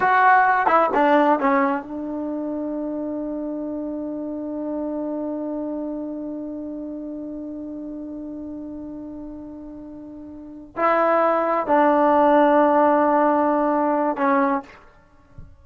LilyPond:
\new Staff \with { instrumentName = "trombone" } { \time 4/4 \tempo 4 = 131 fis'4. e'8 d'4 cis'4 | d'1~ | d'1~ | d'1~ |
d'1~ | d'2.~ d'8 e'8~ | e'4. d'2~ d'8~ | d'2. cis'4 | }